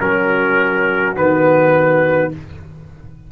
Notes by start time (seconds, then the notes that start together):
0.00 F#3 C#4 F#4 A#4
1.16 D#3 B3 B4